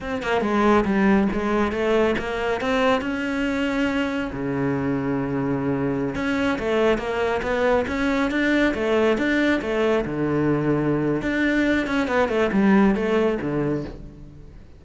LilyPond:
\new Staff \with { instrumentName = "cello" } { \time 4/4 \tempo 4 = 139 c'8 ais8 gis4 g4 gis4 | a4 ais4 c'4 cis'4~ | cis'2 cis2~ | cis2~ cis16 cis'4 a8.~ |
a16 ais4 b4 cis'4 d'8.~ | d'16 a4 d'4 a4 d8.~ | d2 d'4. cis'8 | b8 a8 g4 a4 d4 | }